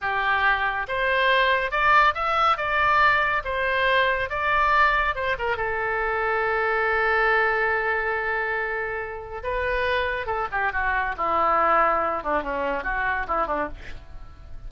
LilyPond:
\new Staff \with { instrumentName = "oboe" } { \time 4/4 \tempo 4 = 140 g'2 c''2 | d''4 e''4 d''2 | c''2 d''2 | c''8 ais'8 a'2.~ |
a'1~ | a'2 b'2 | a'8 g'8 fis'4 e'2~ | e'8 d'8 cis'4 fis'4 e'8 d'8 | }